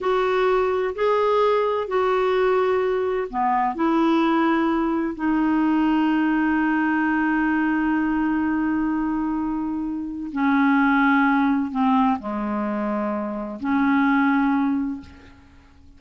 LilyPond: \new Staff \with { instrumentName = "clarinet" } { \time 4/4 \tempo 4 = 128 fis'2 gis'2 | fis'2. b4 | e'2. dis'4~ | dis'1~ |
dis'1~ | dis'2 cis'2~ | cis'4 c'4 gis2~ | gis4 cis'2. | }